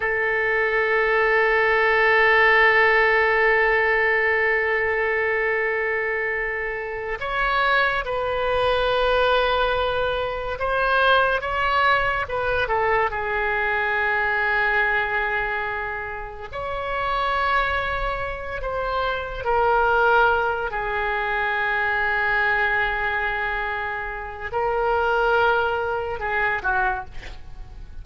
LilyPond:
\new Staff \with { instrumentName = "oboe" } { \time 4/4 \tempo 4 = 71 a'1~ | a'1~ | a'8 cis''4 b'2~ b'8~ | b'8 c''4 cis''4 b'8 a'8 gis'8~ |
gis'2.~ gis'8 cis''8~ | cis''2 c''4 ais'4~ | ais'8 gis'2.~ gis'8~ | gis'4 ais'2 gis'8 fis'8 | }